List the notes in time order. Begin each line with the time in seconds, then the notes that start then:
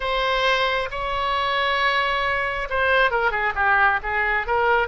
0.00 C5
0.90 C#5
2.69 C5
3.11 A#4
3.31 G#4
3.55 G4
4.02 G#4
4.46 A#4